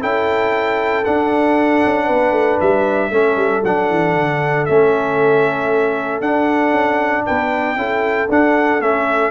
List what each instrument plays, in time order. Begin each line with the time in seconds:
0.00 tuba C#4, trombone E4, horn A4, trumpet G5
1.04 trombone D4, tuba D4, trumpet F#5
1.84 tuba C#4
2.05 tuba B3, horn B4
2.31 tuba A3
2.60 tuba G3, trumpet E5
3.10 tuba A3, trombone C#4, horn A4
3.36 tuba G3
3.64 tuba F#3, trombone D4, trumpet F#5
3.90 tuba E3
4.15 tuba D3
4.65 tuba A3, trombone C#4, trumpet E5
6.20 tuba D4, trombone D4, trumpet F#5
6.70 tuba C#4
7.26 tuba B3, horn B4, trumpet G5
7.76 tuba C#4, trombone E4, horn A4
8.29 tuba D4, trombone D4, trumpet F#5
8.80 tuba A3, trombone C#4, trumpet E5